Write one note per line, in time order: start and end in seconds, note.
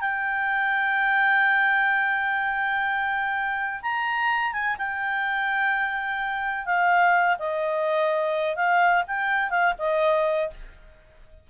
0.00 3.81 G5
3.82 4.52 A#5
4.52 4.76 G#5
4.78 6.65 G5
6.65 7.37 F5
7.39 8.56 D#5
8.56 9.03 F5
9.07 9.50 G5
9.50 9.73 F5
9.78 10.50 D#5